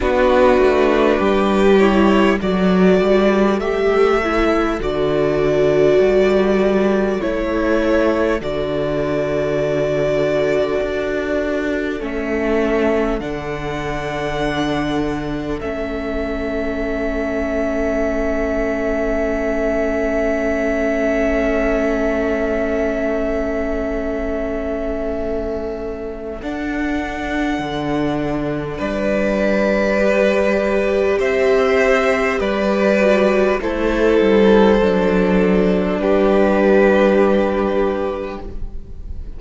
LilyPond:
<<
  \new Staff \with { instrumentName = "violin" } { \time 4/4 \tempo 4 = 50 b'4. cis''8 d''4 e''4 | d''2 cis''4 d''4~ | d''2 e''4 fis''4~ | fis''4 e''2.~ |
e''1~ | e''2 fis''2 | d''2 e''4 d''4 | c''2 b'2 | }
  \new Staff \with { instrumentName = "violin" } { \time 4/4 fis'4 g'4 a'2~ | a'1~ | a'1~ | a'1~ |
a'1~ | a'1 | b'2 c''4 b'4 | a'2 g'2 | }
  \new Staff \with { instrumentName = "viola" } { \time 4/4 d'4. e'8 fis'4 g'8 e'8 | fis'2 e'4 fis'4~ | fis'2 cis'4 d'4~ | d'4 cis'2.~ |
cis'1~ | cis'2 d'2~ | d'4 g'2~ g'8 fis'8 | e'4 d'2. | }
  \new Staff \with { instrumentName = "cello" } { \time 4/4 b8 a8 g4 fis8 g8 a4 | d4 g4 a4 d4~ | d4 d'4 a4 d4~ | d4 a2.~ |
a1~ | a2 d'4 d4 | g2 c'4 g4 | a8 g8 fis4 g2 | }
>>